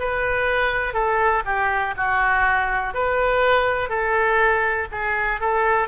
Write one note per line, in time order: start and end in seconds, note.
0.00 0.94 B4
0.94 1.43 A4
1.46 1.95 G4
1.97 2.95 F#4
2.95 3.90 B4
3.90 4.88 A4
4.92 5.41 G#4
5.41 5.88 A4